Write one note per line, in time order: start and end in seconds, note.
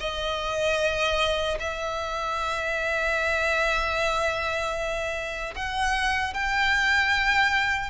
0.00 1.58 D#5
1.60 5.54 E5
5.56 6.34 F#5
6.34 7.90 G5